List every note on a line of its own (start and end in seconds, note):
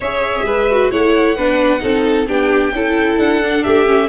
0.00 0.41 C#4
0.00 0.70 G#4
0.00 0.45 C#5
0.00 0.91 E5
0.41 0.87 G#3
0.41 0.91 B4
0.70 0.91 F#4
0.91 1.37 A3
0.91 1.36 E4
0.91 1.35 C#5
0.91 2.27 F#5
1.35 1.82 B3
1.35 1.79 D4
1.35 1.81 B4
1.79 2.28 C4
1.79 2.25 D#4
1.79 2.28 A4
2.27 2.72 B3
2.27 2.72 D4
2.27 2.73 G4
2.27 3.18 G5
2.72 3.17 C#4
2.72 3.42 E4
2.72 3.64 A4
3.18 3.63 D4
3.18 3.63 F#5
3.42 3.85 D4
3.63 4.09 A3
3.63 4.09 G4
3.63 4.08 E5
3.85 4.08 C#4